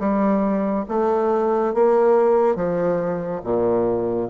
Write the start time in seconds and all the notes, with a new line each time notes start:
0.00 G3
0.89 A3
1.75 A#3
2.56 F3
3.44 A#2